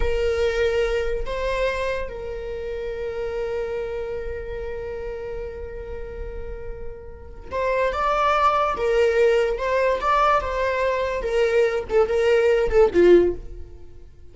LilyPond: \new Staff \with { instrumentName = "viola" } { \time 4/4 \tempo 4 = 144 ais'2. c''4~ | c''4 ais'2.~ | ais'1~ | ais'1~ |
ais'2 c''4 d''4~ | d''4 ais'2 c''4 | d''4 c''2 ais'4~ | ais'8 a'8 ais'4. a'8 f'4 | }